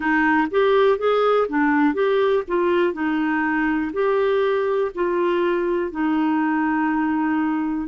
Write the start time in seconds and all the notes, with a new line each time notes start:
0.00 D#4
0.50 G4
0.98 G#4
1.48 D4
1.94 G4
2.47 F4
2.93 D#4
3.93 G4
4.94 F4
5.91 D#4